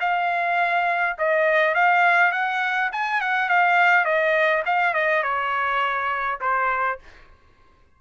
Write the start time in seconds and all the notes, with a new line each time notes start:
0.00 F5
1.18 D#5
1.74 F5
2.32 F#5
2.92 G#5
3.21 F#5
3.49 F5
4.05 D#5
4.65 F5
4.94 D#5
5.23 C#5
6.41 C5